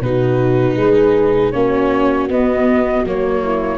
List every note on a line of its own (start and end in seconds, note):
0.00 0.75 B2
0.00 1.53 D#4
0.00 0.77 F#4
0.00 1.51 B4
0.75 1.51 G#3
0.75 1.53 G#4
1.51 2.28 A#3
1.51 2.29 C#4
1.51 3.43 F#4
1.51 2.27 C#5
2.28 3.04 B3
2.28 3.05 B3
2.28 3.06 D#5
3.04 3.77 F#3
3.04 3.77 A#3
3.04 3.77 C#5
3.43 3.77 E4